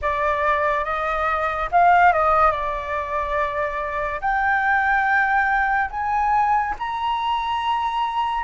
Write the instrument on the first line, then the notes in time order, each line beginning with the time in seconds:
flute
0.01 D5
0.84 D#5
1.71 F5
2.12 D#5
2.51 D5
4.21 G5
5.90 G#5
6.78 A#5